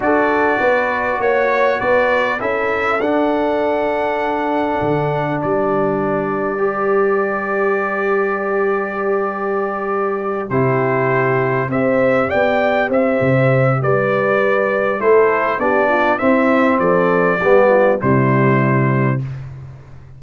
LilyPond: <<
  \new Staff \with { instrumentName = "trumpet" } { \time 4/4 \tempo 4 = 100 d''2 cis''4 d''4 | e''4 fis''2.~ | fis''4 d''2.~ | d''1~ |
d''4. c''2 e''8~ | e''8 g''4 e''4. d''4~ | d''4 c''4 d''4 e''4 | d''2 c''2 | }
  \new Staff \with { instrumentName = "horn" } { \time 4/4 a'4 b'4 cis''4 b'4 | a'1~ | a'4 b'2.~ | b'1~ |
b'4. g'2 c''8~ | c''8 d''4 c''4. b'4~ | b'4 a'4 g'8 f'8 e'4 | a'4 g'8 f'8 e'2 | }
  \new Staff \with { instrumentName = "trombone" } { \time 4/4 fis'1 | e'4 d'2.~ | d'2. g'4~ | g'1~ |
g'4. e'2 g'8~ | g'1~ | g'4 e'4 d'4 c'4~ | c'4 b4 g2 | }
  \new Staff \with { instrumentName = "tuba" } { \time 4/4 d'4 b4 ais4 b4 | cis'4 d'2. | d4 g2.~ | g1~ |
g4. c2 c'8~ | c'8 b4 c'8 c4 g4~ | g4 a4 b4 c'4 | f4 g4 c2 | }
>>